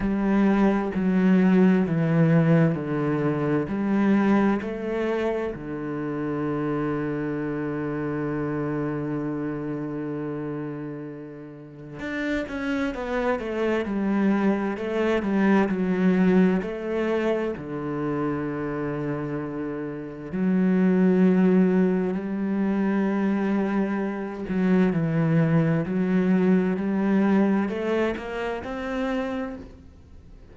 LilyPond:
\new Staff \with { instrumentName = "cello" } { \time 4/4 \tempo 4 = 65 g4 fis4 e4 d4 | g4 a4 d2~ | d1~ | d4 d'8 cis'8 b8 a8 g4 |
a8 g8 fis4 a4 d4~ | d2 fis2 | g2~ g8 fis8 e4 | fis4 g4 a8 ais8 c'4 | }